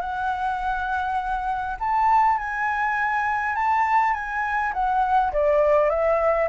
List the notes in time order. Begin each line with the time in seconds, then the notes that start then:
0.00 F#5
1.79 A5
2.37 G#5
3.55 A5
4.13 G#5
4.73 F#5
5.32 D5
5.89 E5